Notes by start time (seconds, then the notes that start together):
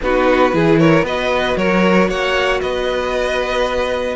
0.02 B3 D#4 F#4 B4
0.52 E3 E4 G#4
0.78 A#4 C#5
1.02 B3 F#4 B4 D#5
1.56 F#3 A#4 C#5
2.08 A#3 C#5 F#5
2.61 B3 B4 D#5